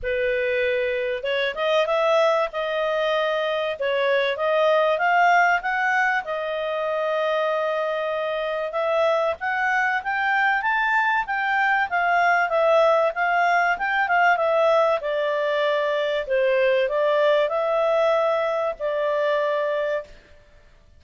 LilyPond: \new Staff \with { instrumentName = "clarinet" } { \time 4/4 \tempo 4 = 96 b'2 cis''8 dis''8 e''4 | dis''2 cis''4 dis''4 | f''4 fis''4 dis''2~ | dis''2 e''4 fis''4 |
g''4 a''4 g''4 f''4 | e''4 f''4 g''8 f''8 e''4 | d''2 c''4 d''4 | e''2 d''2 | }